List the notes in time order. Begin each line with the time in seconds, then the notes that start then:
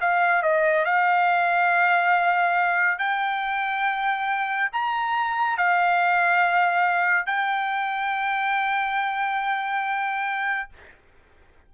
0.00 F5
0.42 D#5
0.85 F5
2.98 G5
4.72 A#5
5.57 F5
7.26 G5